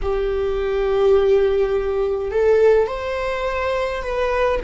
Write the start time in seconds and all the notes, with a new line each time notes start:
0.02 G4
2.31 A4
2.87 C5
4.02 B4